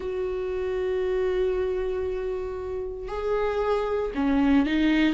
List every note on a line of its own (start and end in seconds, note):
0.00 3.08 F#4
3.08 4.11 G#4
4.14 4.66 C#4
4.66 5.14 D#4